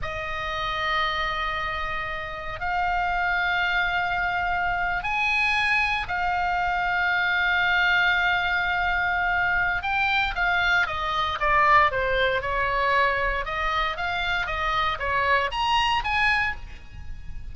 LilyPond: \new Staff \with { instrumentName = "oboe" } { \time 4/4 \tempo 4 = 116 dis''1~ | dis''4 f''2.~ | f''4.~ f''16 gis''2 f''16~ | f''1~ |
f''2. g''4 | f''4 dis''4 d''4 c''4 | cis''2 dis''4 f''4 | dis''4 cis''4 ais''4 gis''4 | }